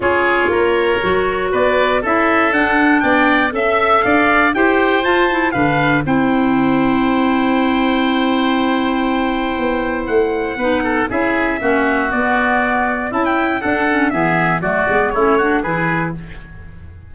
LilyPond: <<
  \new Staff \with { instrumentName = "trumpet" } { \time 4/4 \tempo 4 = 119 cis''2. d''4 | e''4 fis''4 g''4 e''4 | f''4 g''4 a''4 f''4 | g''1~ |
g''1 | fis''2 e''2 | d''2 a''16 g''8. fis''4 | e''4 d''4 cis''4 b'4 | }
  \new Staff \with { instrumentName = "oboe" } { \time 4/4 gis'4 ais'2 b'4 | a'2 d''4 e''4 | d''4 c''2 b'4 | c''1~ |
c''1~ | c''4 b'8 a'8 gis'4 fis'4~ | fis'2 e'4 a'4 | gis'4 fis'4 e'8 fis'8 gis'4 | }
  \new Staff \with { instrumentName = "clarinet" } { \time 4/4 f'2 fis'2 | e'4 d'2 a'4~ | a'4 g'4 f'8 e'8 d'4 | e'1~ |
e'1~ | e'4 dis'4 e'4 cis'4 | b2 e'4 d'8 cis'8 | b4 a8 b8 cis'8 d'8 e'4 | }
  \new Staff \with { instrumentName = "tuba" } { \time 4/4 cis'4 ais4 fis4 b4 | cis'4 d'4 b4 cis'4 | d'4 e'4 f'4 d4 | c'1~ |
c'2. b4 | a4 b4 cis'4 ais4 | b2 cis'4 d'4 | e4 fis8 gis8 a4 e4 | }
>>